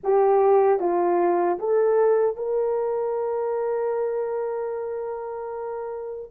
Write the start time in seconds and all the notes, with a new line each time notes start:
0.03 G4
0.79 F4
1.58 A4
2.36 A#4